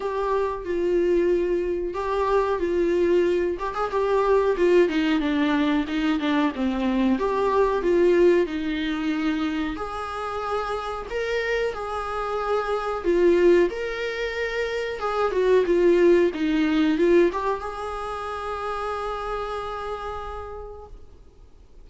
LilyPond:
\new Staff \with { instrumentName = "viola" } { \time 4/4 \tempo 4 = 92 g'4 f'2 g'4 | f'4. g'16 gis'16 g'4 f'8 dis'8 | d'4 dis'8 d'8 c'4 g'4 | f'4 dis'2 gis'4~ |
gis'4 ais'4 gis'2 | f'4 ais'2 gis'8 fis'8 | f'4 dis'4 f'8 g'8 gis'4~ | gis'1 | }